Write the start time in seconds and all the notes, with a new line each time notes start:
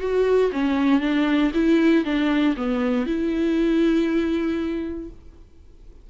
0.00 F#4
0.52 C#4
1.01 D4
1.54 E4
2.05 D4
2.57 B3
3.06 E4